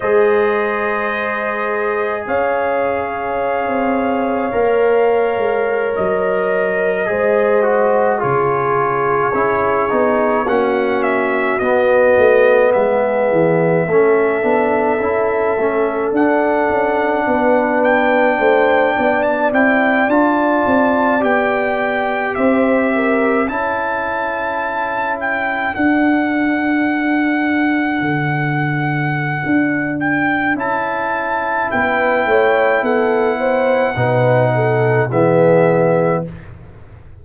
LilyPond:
<<
  \new Staff \with { instrumentName = "trumpet" } { \time 4/4 \tempo 4 = 53 dis''2 f''2~ | f''4~ f''16 dis''2 cis''8.~ | cis''4~ cis''16 fis''8 e''8 dis''4 e''8.~ | e''2~ e''16 fis''4. g''16~ |
g''4 a''16 g''8 a''4 g''4 e''16~ | e''8. a''4. g''8 fis''4~ fis''16~ | fis''2~ fis''8 g''8 a''4 | g''4 fis''2 e''4 | }
  \new Staff \with { instrumentName = "horn" } { \time 4/4 c''2 cis''2~ | cis''2~ cis''16 c''4 gis'8.~ | gis'4~ gis'16 fis'2 gis'8.~ | gis'16 a'2. b'8.~ |
b'16 c''8 d''2. c''16~ | c''16 ais'8 a'2.~ a'16~ | a'1 | b'8 cis''8 a'8 c''8 b'8 a'8 gis'4 | }
  \new Staff \with { instrumentName = "trombone" } { \time 4/4 gis'1 | ais'2~ ais'16 gis'8 fis'8 f'8.~ | f'16 e'8 dis'8 cis'4 b4.~ b16~ | b16 cis'8 d'8 e'8 cis'8 d'4.~ d'16~ |
d'4~ d'16 e'8 f'4 g'4~ g'16~ | g'8. e'2 d'4~ d'16~ | d'2. e'4~ | e'2 dis'4 b4 | }
  \new Staff \with { instrumentName = "tuba" } { \time 4/4 gis2 cis'4~ cis'16 c'8. | ais8. gis8 fis4 gis4 cis8.~ | cis16 cis'8 b8 ais4 b8 a8 gis8 e16~ | e16 a8 b8 cis'8 a8 d'8 cis'8 b8.~ |
b16 a8 b8 c'8 d'8 c'8 b4 c'16~ | c'8. cis'2 d'4~ d'16~ | d'8. d4~ d16 d'4 cis'4 | b8 a8 b4 b,4 e4 | }
>>